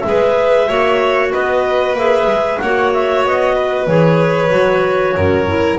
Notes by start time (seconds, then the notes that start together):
0.00 G#3 G#4 E5
0.07 B4
0.67 A#3 F#4 C#5
1.32 B3 B4 D#5
1.93 A#3 G#4 E5
2.26 G#3
2.59 A#3 F#4 C#5 F#5
2.93 E5
3.23 B3 D#5
3.54 B4
3.87 E3 G#4 C#5
4.49 F#3 F#4
5.15 F#2 A#4
5.47 E4